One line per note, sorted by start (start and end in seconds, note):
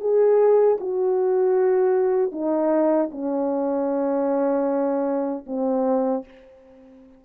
0.00 0.78 G#4
0.80 2.32 F#4
2.32 3.10 D#4
3.11 5.45 C#4
5.47 6.25 C4